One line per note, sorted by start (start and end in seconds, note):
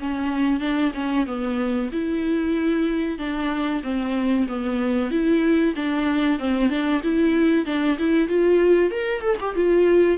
0.00 0.60 C#4
0.60 0.92 D4
0.95 1.27 C#4
1.27 1.91 B3
1.93 3.19 E4
3.19 3.82 D4
3.84 4.47 C4
4.49 5.11 B3
5.11 5.75 E4
5.76 6.39 D4
6.39 6.70 C4
6.70 7.02 D4
7.04 7.66 E4
7.66 7.98 D4
7.99 8.29 E4
8.29 8.91 F4
8.91 9.21 A#4
9.21 9.37 A4
9.41 9.56 G4
9.56 10.18 F4